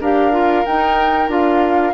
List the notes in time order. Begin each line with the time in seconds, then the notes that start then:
0.00 D4 G4 A#4 F5
0.32 F4
0.65 D#4 G5
1.28 D4 F4 F5